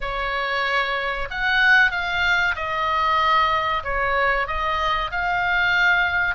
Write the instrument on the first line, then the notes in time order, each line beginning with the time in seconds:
oboe
0.00 C#5
1.30 F#5
1.91 F5
2.55 D#5
3.83 C#5
4.47 D#5
5.11 F5